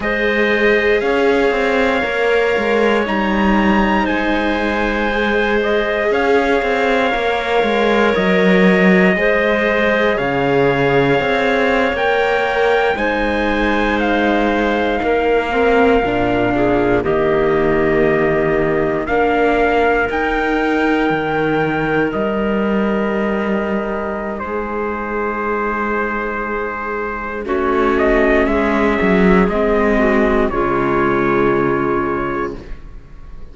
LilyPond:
<<
  \new Staff \with { instrumentName = "trumpet" } { \time 4/4 \tempo 4 = 59 dis''4 f''2 ais''4 | gis''4. dis''8 f''2 | dis''2 f''4.~ f''16 g''16~ | g''8. gis''4 f''2~ f''16~ |
f''8. dis''2 f''4 g''16~ | g''4.~ g''16 dis''2~ dis''16 | c''2. cis''8 dis''8 | e''4 dis''4 cis''2 | }
  \new Staff \with { instrumentName = "clarinet" } { \time 4/4 c''4 cis''2. | c''2 cis''2~ | cis''4 c''4 cis''2~ | cis''8. c''2 ais'4~ ais'16~ |
ais'16 gis'8 g'2 ais'4~ ais'16~ | ais'1 | gis'2. fis'4 | gis'4. fis'8 f'2 | }
  \new Staff \with { instrumentName = "viola" } { \time 4/4 gis'2 ais'4 dis'4~ | dis'4 gis'2 ais'4~ | ais'4 gis'2~ gis'8. ais'16~ | ais'8. dis'2~ dis'8 c'8 d'16~ |
d'8. ais2 d'4 dis'16~ | dis'1~ | dis'2. cis'4~ | cis'4 c'4 gis2 | }
  \new Staff \with { instrumentName = "cello" } { \time 4/4 gis4 cis'8 c'8 ais8 gis8 g4 | gis2 cis'8 c'8 ais8 gis8 | fis4 gis4 cis4 c'8. ais16~ | ais8. gis2 ais4 ais,16~ |
ais,8. dis2 ais4 dis'16~ | dis'8. dis4 g2~ g16 | gis2. a4 | gis8 fis8 gis4 cis2 | }
>>